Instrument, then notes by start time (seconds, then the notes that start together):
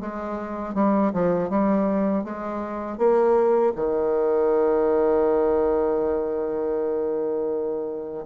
bassoon
0.00 G#3
0.74 G3
1.13 F3
1.49 G3
2.24 G#3
2.98 A#3
3.75 D#3